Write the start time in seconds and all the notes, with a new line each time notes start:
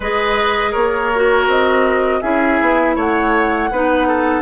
0.00 G#3 G#4 B4 D#5
0.71 A#3 A#4 C#5
1.15 F#4
1.47 C4 D#5
2.21 C#4 E4 G#4 E5
2.60 B3
2.95 A3 C#5 F#5
3.70 B3 D#4 B4
4.07 A4